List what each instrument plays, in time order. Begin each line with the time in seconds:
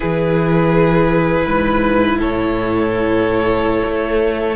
0.00 cello E3, viola E4, violin G#4 B4
1.45 cello G#2, violin B4
2.17 cello A2, violin A4 C#5
3.85 cello A3